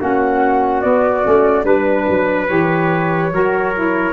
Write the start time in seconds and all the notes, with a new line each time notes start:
0.00 A#3 C#4 F#4 F#5
0.81 B3 D5
1.24 A3 C#4
1.64 G3 D4 B4
2.09 F#3
2.48 E3 G4 C#5
3.32 F#3 F#4 A#4
3.75 E4